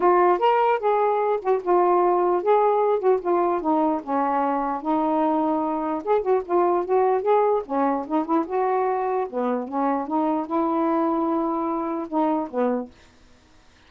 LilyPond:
\new Staff \with { instrumentName = "saxophone" } { \time 4/4 \tempo 4 = 149 f'4 ais'4 gis'4. fis'8 | f'2 gis'4. fis'8 | f'4 dis'4 cis'2 | dis'2. gis'8 fis'8 |
f'4 fis'4 gis'4 cis'4 | dis'8 e'8 fis'2 b4 | cis'4 dis'4 e'2~ | e'2 dis'4 b4 | }